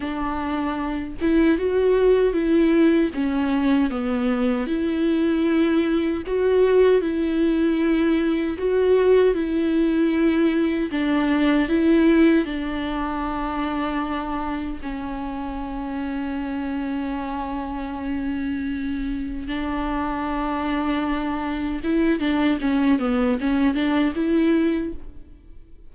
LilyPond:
\new Staff \with { instrumentName = "viola" } { \time 4/4 \tempo 4 = 77 d'4. e'8 fis'4 e'4 | cis'4 b4 e'2 | fis'4 e'2 fis'4 | e'2 d'4 e'4 |
d'2. cis'4~ | cis'1~ | cis'4 d'2. | e'8 d'8 cis'8 b8 cis'8 d'8 e'4 | }